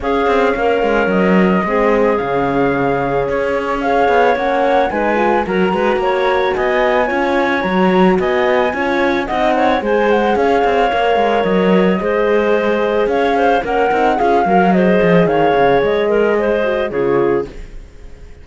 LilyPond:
<<
  \new Staff \with { instrumentName = "flute" } { \time 4/4 \tempo 4 = 110 f''2 dis''2 | f''2 cis''4 f''4 | fis''4 gis''4 ais''2 | gis''2 ais''4 gis''4~ |
gis''4 fis''4 gis''8 fis''8 f''4~ | f''4 dis''2. | f''4 fis''4 f''4 dis''4 | f''4 dis''2 cis''4 | }
  \new Staff \with { instrumentName = "clarinet" } { \time 4/4 gis'4 ais'2 gis'4~ | gis'2. cis''4~ | cis''4 b'4 ais'8 b'8 cis''4 | dis''4 cis''2 dis''4 |
cis''4 dis''8 cis''8 c''4 cis''4~ | cis''2 c''2 | cis''8 c''8 ais'4 gis'8 ais'8 c''4 | cis''4. ais'8 c''4 gis'4 | }
  \new Staff \with { instrumentName = "horn" } { \time 4/4 cis'2. c'4 | cis'2. gis'4 | cis'4 dis'8 f'8 fis'2~ | fis'4 f'4 fis'2 |
f'4 dis'4 gis'2 | ais'2 gis'2~ | gis'4 cis'8 dis'8 f'8 fis'8 gis'4~ | gis'2~ gis'8 fis'8 f'4 | }
  \new Staff \with { instrumentName = "cello" } { \time 4/4 cis'8 c'8 ais8 gis8 fis4 gis4 | cis2 cis'4. b8 | ais4 gis4 fis8 gis8 ais4 | b4 cis'4 fis4 b4 |
cis'4 c'4 gis4 cis'8 c'8 | ais8 gis8 fis4 gis2 | cis'4 ais8 c'8 cis'8 fis4 f8 | dis8 cis8 gis2 cis4 | }
>>